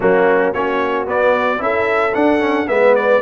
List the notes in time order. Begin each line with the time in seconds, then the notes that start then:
0.00 F#3 A#3 C#4 F#4
0.53 A#3 C#4 F#4 C#5
1.05 B3 D5
1.58 C#4 E4 A4 E5
2.14 D4 F#5
2.39 C#4
2.68 G#3 B3 B4 E5
2.95 D5